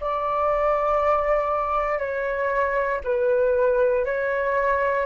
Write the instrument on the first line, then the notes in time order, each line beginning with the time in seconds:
flute
0.00 D5
1.98 C#5
3.04 B4
4.05 C#5